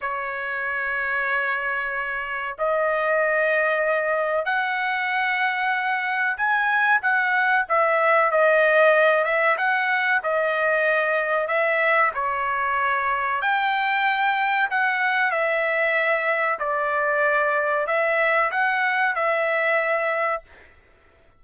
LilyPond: \new Staff \with { instrumentName = "trumpet" } { \time 4/4 \tempo 4 = 94 cis''1 | dis''2. fis''4~ | fis''2 gis''4 fis''4 | e''4 dis''4. e''8 fis''4 |
dis''2 e''4 cis''4~ | cis''4 g''2 fis''4 | e''2 d''2 | e''4 fis''4 e''2 | }